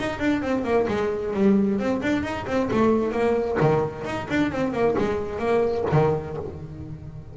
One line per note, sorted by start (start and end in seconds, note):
0.00 0.20 D#4
0.20 0.43 D4
0.43 0.65 C4
0.65 0.87 A#3
0.88 1.34 G#3
1.34 1.80 G3
1.80 2.02 C4
2.02 2.24 D4
2.24 2.46 D#4
2.47 2.70 C4
2.72 3.12 A3
3.12 3.58 A#3
3.61 4.05 D#3
4.05 4.28 D#4
4.30 4.52 D4
4.52 4.73 C4
4.73 4.96 A#3
4.98 5.39 G#3
5.39 5.85 A#3
5.92 6.38 D#3